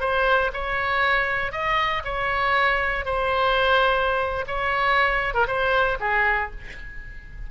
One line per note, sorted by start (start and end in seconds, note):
0.00 0.51 C5
0.53 1.52 C#5
1.52 2.03 D#5
2.05 3.05 C#5
3.05 4.45 C5
4.47 5.34 C#5
5.34 5.47 A#4
5.47 5.98 C5
6.00 6.51 G#4